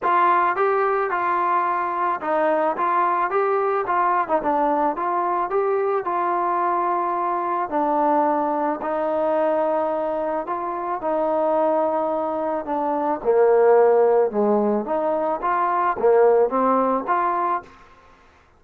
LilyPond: \new Staff \with { instrumentName = "trombone" } { \time 4/4 \tempo 4 = 109 f'4 g'4 f'2 | dis'4 f'4 g'4 f'8. dis'16 | d'4 f'4 g'4 f'4~ | f'2 d'2 |
dis'2. f'4 | dis'2. d'4 | ais2 gis4 dis'4 | f'4 ais4 c'4 f'4 | }